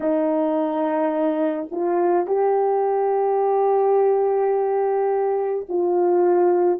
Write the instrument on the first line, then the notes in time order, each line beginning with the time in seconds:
horn
0.00 D#4
1.71 F4
2.26 G4
5.69 F4